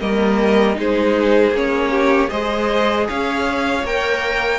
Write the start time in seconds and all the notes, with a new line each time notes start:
0.00 G3 A#3 A#4 D#5
0.75 G#3 D#4 G#4 C5
1.51 A#3 C#4 C#5
1.91 G4
2.28 G#3 G#4 C5 D#5
3.08 C#4 C#5 F5
3.83 A#3 A#4 G5